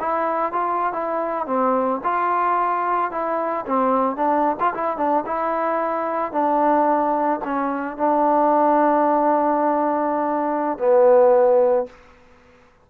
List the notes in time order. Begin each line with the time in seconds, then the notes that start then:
0.00 E4
0.52 F4
0.93 E4
1.47 C4
2.04 F4
3.11 E4
3.66 C4
4.16 D4
4.60 F4
4.74 E4
4.97 D4
5.26 E4
6.32 D4
7.45 C#4
7.97 D4
10.78 B3